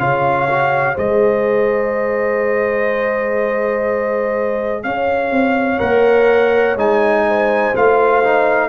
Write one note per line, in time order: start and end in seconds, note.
0.00 0.97 C#3
0.00 0.49 F4
0.00 0.95 C#5
0.00 0.97 F5
0.50 0.96 F#4
0.95 4.84 G#3
0.95 5.79 G#4
0.95 4.82 C5
0.95 4.83 D#5
4.83 5.31 C#4
4.83 7.27 C#5
4.83 5.79 F5
5.31 5.79 C4
5.79 6.76 A#3
5.79 6.75 A#4
5.79 6.76 F#5
6.76 7.72 G#3
6.76 7.75 D#4
6.76 7.76 G#5
7.28 8.69 C5
7.75 8.69 A3
7.75 8.23 F4
7.75 8.69 F5
8.24 8.69 D#4